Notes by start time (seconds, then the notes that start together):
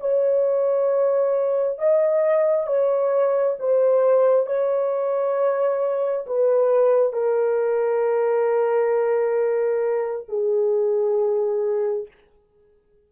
0.00 C#5
1.78 D#5
2.67 C#5
3.59 C5
4.47 C#5
6.26 B4
7.13 A#4
10.29 G#4